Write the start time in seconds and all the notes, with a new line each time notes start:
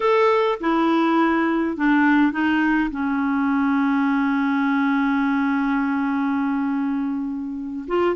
0.00 A4
0.60 E4
1.77 D4
2.31 D#4
2.90 C#4
7.87 F4